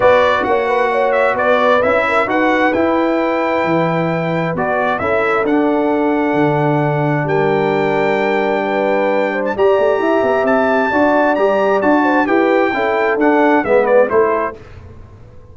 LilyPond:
<<
  \new Staff \with { instrumentName = "trumpet" } { \time 4/4 \tempo 4 = 132 d''4 fis''4. e''8 d''4 | e''4 fis''4 g''2~ | g''2 d''4 e''4 | fis''1 |
g''1~ | g''8. a''16 ais''2 a''4~ | a''4 ais''4 a''4 g''4~ | g''4 fis''4 e''8 d''8 c''4 | }
  \new Staff \with { instrumentName = "horn" } { \time 4/4 b'4 cis''8 b'8 cis''4 b'4~ | b'8 ais'8 b'2.~ | b'2. a'4~ | a'1 |
ais'2. b'4~ | b'8 c''8 d''4 e''2 | d''2~ d''8 c''8 b'4 | a'2 b'4 a'4 | }
  \new Staff \with { instrumentName = "trombone" } { \time 4/4 fis'1 | e'4 fis'4 e'2~ | e'2 fis'4 e'4 | d'1~ |
d'1~ | d'4 g'2. | fis'4 g'4 fis'4 g'4 | e'4 d'4 b4 e'4 | }
  \new Staff \with { instrumentName = "tuba" } { \time 4/4 b4 ais2 b4 | cis'4 dis'4 e'2 | e2 b4 cis'4 | d'2 d2 |
g1~ | g4 g'8 a8 e'8 b8 c'4 | d'4 g4 d'4 e'4 | cis'4 d'4 gis4 a4 | }
>>